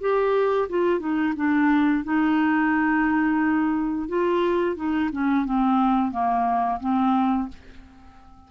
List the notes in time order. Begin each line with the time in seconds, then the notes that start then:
0.00 G4
0.69 F4
0.99 D#4
1.36 D4
2.04 D#4
4.08 F4
4.76 D#4
5.12 C#4
5.45 C4
6.11 A#3
6.80 C4